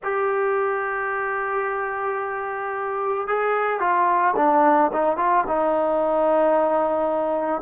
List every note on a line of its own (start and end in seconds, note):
0.03 3.27 G4
3.27 3.79 G#4
3.79 4.34 F4
4.36 4.91 D4
4.92 5.17 D#4
5.17 5.44 F4
5.47 7.61 D#4